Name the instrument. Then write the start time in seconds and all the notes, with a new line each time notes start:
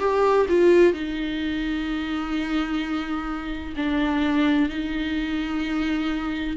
viola
0.00 G4
0.49 F4
0.93 D#4
3.77 D4
4.70 D#4